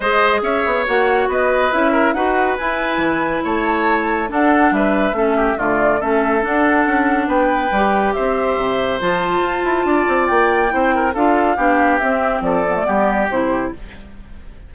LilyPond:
<<
  \new Staff \with { instrumentName = "flute" } { \time 4/4 \tempo 4 = 140 dis''4 e''4 fis''4 dis''4 | e''4 fis''4 gis''2 | a''2 fis''4 e''4~ | e''4 d''4 e''4 fis''4~ |
fis''4 g''2 e''4~ | e''4 a''2. | g''2 f''2 | e''4 d''2 c''4 | }
  \new Staff \with { instrumentName = "oboe" } { \time 4/4 c''4 cis''2 b'4~ | b'8 ais'8 b'2. | cis''2 a'4 b'4 | a'8 g'8 f'4 a'2~ |
a'4 b'2 c''4~ | c''2. d''4~ | d''4 c''8 ais'8 a'4 g'4~ | g'4 a'4 g'2 | }
  \new Staff \with { instrumentName = "clarinet" } { \time 4/4 gis'2 fis'2 | e'4 fis'4 e'2~ | e'2 d'2 | cis'4 a4 cis'4 d'4~ |
d'2 g'2~ | g'4 f'2.~ | f'4 e'4 f'4 d'4 | c'4. b16 a16 b4 e'4 | }
  \new Staff \with { instrumentName = "bassoon" } { \time 4/4 gis4 cis'8 b8 ais4 b4 | cis'4 dis'4 e'4 e4 | a2 d'4 g4 | a4 d4 a4 d'4 |
cis'4 b4 g4 c'4 | c4 f4 f'8 e'8 d'8 c'8 | ais4 c'4 d'4 b4 | c'4 f4 g4 c4 | }
>>